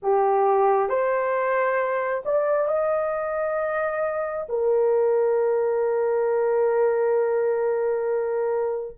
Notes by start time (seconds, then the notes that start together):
0.02 G4
0.89 C5
2.25 D5
2.67 D#5
4.49 A#4